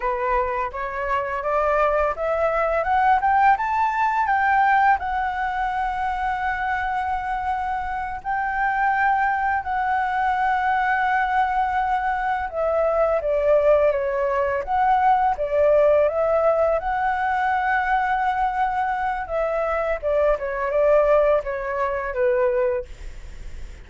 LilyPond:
\new Staff \with { instrumentName = "flute" } { \time 4/4 \tempo 4 = 84 b'4 cis''4 d''4 e''4 | fis''8 g''8 a''4 g''4 fis''4~ | fis''2.~ fis''8 g''8~ | g''4. fis''2~ fis''8~ |
fis''4. e''4 d''4 cis''8~ | cis''8 fis''4 d''4 e''4 fis''8~ | fis''2. e''4 | d''8 cis''8 d''4 cis''4 b'4 | }